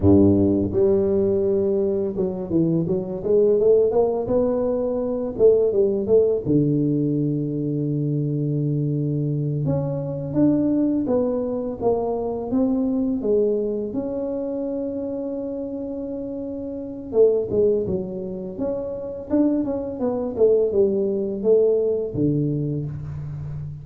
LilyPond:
\new Staff \with { instrumentName = "tuba" } { \time 4/4 \tempo 4 = 84 g,4 g2 fis8 e8 | fis8 gis8 a8 ais8 b4. a8 | g8 a8 d2.~ | d4. cis'4 d'4 b8~ |
b8 ais4 c'4 gis4 cis'8~ | cis'1 | a8 gis8 fis4 cis'4 d'8 cis'8 | b8 a8 g4 a4 d4 | }